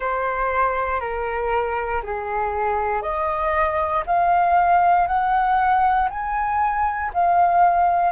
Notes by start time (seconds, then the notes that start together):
0.00 C5
1.00 A#4
2.03 G#4
3.02 D#5
4.06 F5
5.07 F#5
6.10 G#5
7.13 F5